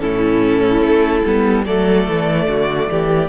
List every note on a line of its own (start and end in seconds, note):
0.00 0.81 A2
0.00 1.23 C#4
0.00 1.65 E4
0.00 1.64 A4
0.81 1.22 A3
1.26 1.67 G3
1.26 1.67 B3
1.65 2.08 F#3
1.65 3.29 A3
1.65 2.47 A4
1.65 3.29 D5
2.09 2.48 E3
2.48 2.89 D3
2.48 2.90 F#4
2.90 3.29 E3
2.90 3.29 G4